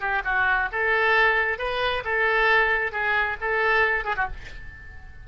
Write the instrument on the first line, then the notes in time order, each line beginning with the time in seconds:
oboe
0.00 G4
0.24 F#4
0.72 A4
1.58 B4
2.04 A4
2.92 G#4
3.41 A4
4.05 G#4
4.16 F#4